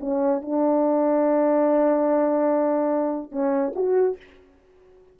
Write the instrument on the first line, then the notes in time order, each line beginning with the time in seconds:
horn
0.00 C#4
0.42 D4
3.31 C#4
3.75 F#4